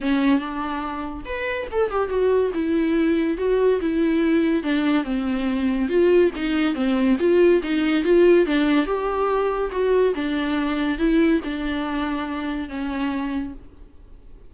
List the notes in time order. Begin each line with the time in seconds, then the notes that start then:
0.01 C#4
0.39 D4
1.25 B4
1.71 A4
1.90 G4
2.08 F#4
2.54 E4
3.37 F#4
3.80 E4
4.63 D4
5.04 C4
5.88 F4
6.35 D#4
6.74 C4
7.19 F4
7.62 D#4
8.04 F4
8.46 D4
8.86 G4
9.71 F#4
10.14 D4
10.98 E4
11.44 D4
12.68 C#4